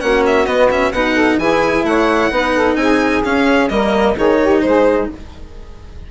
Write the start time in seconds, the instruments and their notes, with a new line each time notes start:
0.00 bassoon A#3, cello C#4, saxophone F#4, violin F#5
0.26 violin E5
0.46 cello B3, bassoon B3, violin D#5
0.70 cello C#4, violin E5
0.91 bassoon B2, cello D#4, saxophone B4, violin F#5
1.14 saxophone A4
1.38 bassoon E3, cello E4, saxophone G#4, violin G#5
1.83 bassoon A3, saxophone C#5, violin F#5
2.31 bassoon B3, cello D#4, saxophone B4
2.54 saxophone A4
2.75 bassoon C4, saxophone G#4, violin G#5
3.24 cello C#4, bassoon C#4, violin F5
3.69 bassoon G3, cello A#3, saxophone A#4, violin D#5
4.16 bassoon D#3, cello D#4, saxophone G#4, violin C#5
4.41 saxophone G4
4.61 bassoon G#3, saxophone G#4, violin C5